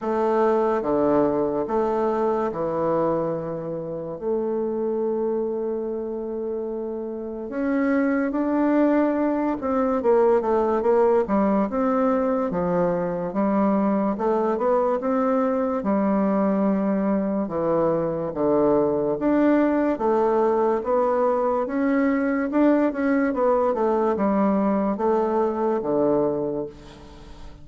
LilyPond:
\new Staff \with { instrumentName = "bassoon" } { \time 4/4 \tempo 4 = 72 a4 d4 a4 e4~ | e4 a2.~ | a4 cis'4 d'4. c'8 | ais8 a8 ais8 g8 c'4 f4 |
g4 a8 b8 c'4 g4~ | g4 e4 d4 d'4 | a4 b4 cis'4 d'8 cis'8 | b8 a8 g4 a4 d4 | }